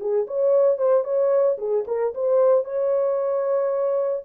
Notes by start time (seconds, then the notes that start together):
0.00 G#4
0.27 C#5
0.78 C5
1.05 C#5
1.58 G#4
1.87 A#4
2.15 C5
2.65 C#5